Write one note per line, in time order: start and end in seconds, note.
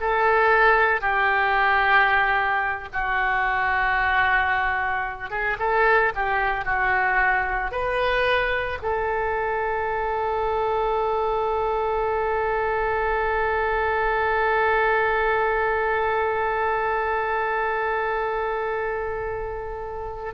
0.00 1.01 A4
1.01 2.89 G4
2.93 5.30 F#4
5.30 5.57 G#4
5.59 6.13 A4
6.15 6.65 G4
6.65 7.71 F#4
7.71 8.79 B4
8.82 20.34 A4